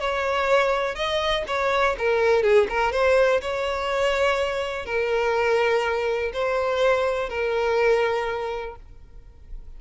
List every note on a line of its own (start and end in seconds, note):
0.00 0.95 C#5
0.95 1.44 D#5
1.47 1.96 C#5
1.98 2.43 A#4
2.43 2.67 G#4
2.69 2.92 A#4
2.92 3.41 C5
3.41 4.86 C#5
4.86 6.32 A#4
6.33 7.29 C5
7.29 8.75 A#4